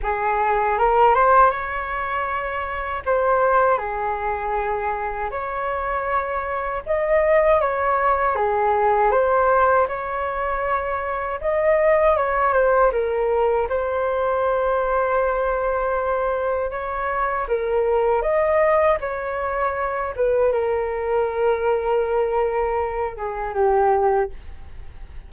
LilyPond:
\new Staff \with { instrumentName = "flute" } { \time 4/4 \tempo 4 = 79 gis'4 ais'8 c''8 cis''2 | c''4 gis'2 cis''4~ | cis''4 dis''4 cis''4 gis'4 | c''4 cis''2 dis''4 |
cis''8 c''8 ais'4 c''2~ | c''2 cis''4 ais'4 | dis''4 cis''4. b'8 ais'4~ | ais'2~ ais'8 gis'8 g'4 | }